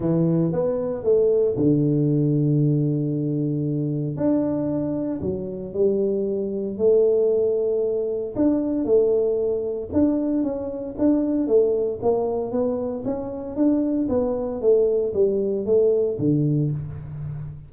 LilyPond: \new Staff \with { instrumentName = "tuba" } { \time 4/4 \tempo 4 = 115 e4 b4 a4 d4~ | d1 | d'2 fis4 g4~ | g4 a2. |
d'4 a2 d'4 | cis'4 d'4 a4 ais4 | b4 cis'4 d'4 b4 | a4 g4 a4 d4 | }